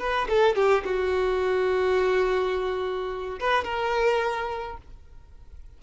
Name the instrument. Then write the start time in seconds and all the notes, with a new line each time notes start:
violin
0.00 B4
0.30 A4
0.56 G4
0.85 F#4
3.40 B4
3.65 A#4